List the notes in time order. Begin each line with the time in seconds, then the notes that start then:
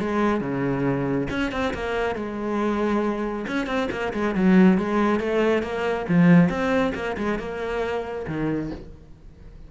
0.00 G#3
0.41 C#3
1.30 C#4
1.52 C4
1.74 A#3
2.15 G#3
3.47 C#4
3.67 C4
3.92 A#3
4.13 G#3
4.35 F#3
4.78 G#3
5.20 A3
5.62 A#3
6.09 F3
6.49 C4
6.95 A#3
7.18 G#3
7.39 A#3
8.27 D#3